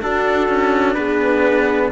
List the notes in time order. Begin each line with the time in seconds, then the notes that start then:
0.00 D4 F#4 A4
0.48 C#4
0.94 B3 G#4 B4